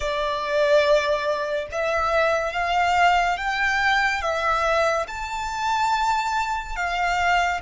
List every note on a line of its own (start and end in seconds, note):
0.00 1.67 D5
1.71 2.52 E5
2.52 3.36 F5
3.37 4.21 G5
4.21 5.06 E5
5.07 6.76 A5
6.76 7.60 F5